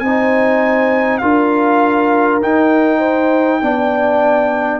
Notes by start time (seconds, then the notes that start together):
0.00 C4 D#4 C5 G#5
1.18 D4 F4 A#4 F5
2.42 D#4 G5
2.99 C5
3.62 B3 D4 D5